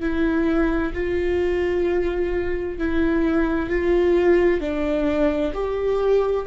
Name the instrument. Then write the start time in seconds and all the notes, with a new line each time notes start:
viola
0.00 E4
0.94 F4
2.78 E4
3.70 F4
4.60 D4
5.53 G4